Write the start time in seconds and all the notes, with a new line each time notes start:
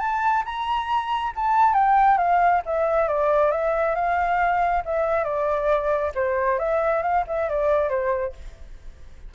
0.00 A5
0.46 A#5
1.36 A5
1.74 G5
2.18 F5
2.66 E5
3.09 D5
3.52 E5
3.96 F5
4.86 E5
5.25 D5
6.15 C5
6.59 E5
7.03 F5
7.28 E5
7.50 D5
7.90 C5